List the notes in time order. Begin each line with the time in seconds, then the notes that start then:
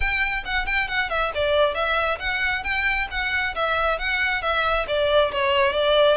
0.00 G5
0.45 F#5
0.66 G5
0.87 F#5
1.09 E5
1.34 D5
1.74 E5
2.19 F#5
2.63 G5
3.10 F#5
3.55 E5
3.98 F#5
4.42 E5
4.87 D5
5.31 C#5
5.73 D5